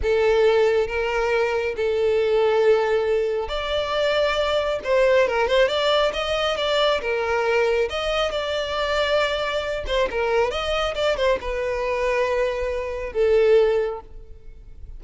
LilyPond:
\new Staff \with { instrumentName = "violin" } { \time 4/4 \tempo 4 = 137 a'2 ais'2 | a'1 | d''2. c''4 | ais'8 c''8 d''4 dis''4 d''4 |
ais'2 dis''4 d''4~ | d''2~ d''8 c''8 ais'4 | dis''4 d''8 c''8 b'2~ | b'2 a'2 | }